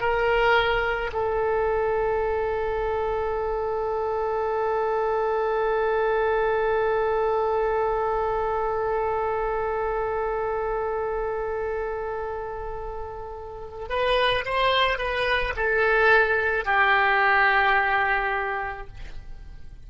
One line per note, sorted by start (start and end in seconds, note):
0.00 1.11 A#4
1.13 13.89 A4
13.89 14.44 B4
14.45 14.98 C5
14.98 15.54 B4
15.56 16.65 A4
16.65 18.87 G4